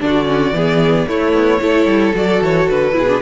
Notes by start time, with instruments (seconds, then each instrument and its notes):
0.00 cello D3, viola D4, violin F#4 D5
0.25 viola C#4
0.51 cello E3, viola B3, violin G#4
1.08 cello A3, viola A3, violin E4 C#5
1.33 cello B3
1.61 cello A3, viola E4, violin A4
1.86 cello G3
2.14 cello F#3, viola F#4, violin D5
2.41 cello E3, violin C#5
2.69 cello D3, violin B4
2.92 cello B2, viola E4, violin G#4
3.08 viola D4